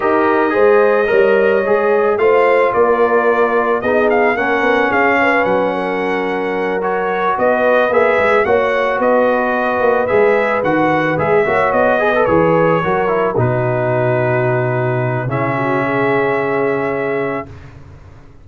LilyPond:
<<
  \new Staff \with { instrumentName = "trumpet" } { \time 4/4 \tempo 4 = 110 dis''1 | f''4 d''2 dis''8 f''8 | fis''4 f''4 fis''2~ | fis''8 cis''4 dis''4 e''4 fis''8~ |
fis''8 dis''2 e''4 fis''8~ | fis''8 e''4 dis''4 cis''4.~ | cis''8 b'2.~ b'8 | e''1 | }
  \new Staff \with { instrumentName = "horn" } { \time 4/4 ais'4 c''4 cis''2 | c''4 ais'2 gis'4 | ais'4 gis'8 b'4 ais'4.~ | ais'4. b'2 cis''8~ |
cis''8 b'2.~ b'8~ | b'4 cis''4 b'4. ais'8~ | ais'8 fis'2.~ fis'8 | e'8 fis'8 gis'2. | }
  \new Staff \with { instrumentName = "trombone" } { \time 4/4 g'4 gis'4 ais'4 gis'4 | f'2. dis'4 | cis'1~ | cis'8 fis'2 gis'4 fis'8~ |
fis'2~ fis'8 gis'4 fis'8~ | fis'8 gis'8 fis'4 gis'16 a'16 gis'4 fis'8 | e'8 dis'2.~ dis'8 | cis'1 | }
  \new Staff \with { instrumentName = "tuba" } { \time 4/4 dis'4 gis4 g4 gis4 | a4 ais2 b4 | ais8 b8 cis'4 fis2~ | fis4. b4 ais8 gis8 ais8~ |
ais8 b4. ais8 gis4 dis8~ | dis8 gis8 ais8 b4 e4 fis8~ | fis8 b,2.~ b,8 | cis1 | }
>>